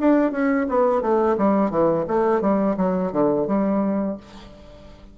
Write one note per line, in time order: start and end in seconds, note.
0.00 0.32 D4
0.32 0.67 C#4
0.69 1.02 B3
1.02 1.37 A3
1.38 1.71 G3
1.71 2.06 E3
2.08 2.42 A3
2.42 2.77 G3
2.77 3.12 F#3
3.13 3.48 D3
3.48 4.17 G3